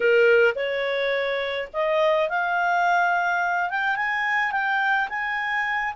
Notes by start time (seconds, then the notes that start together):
0.00 A#4
0.55 C#5
1.73 D#5
2.29 F5
3.70 G5
3.95 G#5
4.51 G5
5.09 G#5